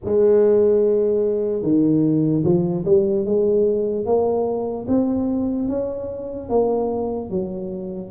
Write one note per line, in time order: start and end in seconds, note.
0.04 1.62 G#3
1.62 2.43 D#3
2.44 2.84 F3
2.85 3.25 G3
3.25 4.05 G#3
4.05 4.86 A#3
4.88 5.68 C4
5.68 6.49 C#4
6.49 7.30 A#3
7.30 8.11 F#3